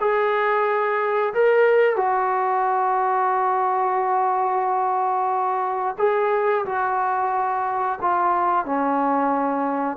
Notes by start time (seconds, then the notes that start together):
0.00 G#4
1.34 A#4
1.96 F#4
5.98 G#4
6.66 F#4
8.02 F4
8.65 C#4